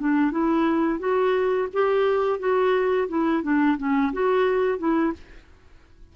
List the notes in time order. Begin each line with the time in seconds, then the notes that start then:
0.00 D4
0.31 E4
0.99 F#4
1.73 G4
2.39 F#4
3.09 E4
3.43 D4
3.78 C#4
4.13 F#4
4.79 E4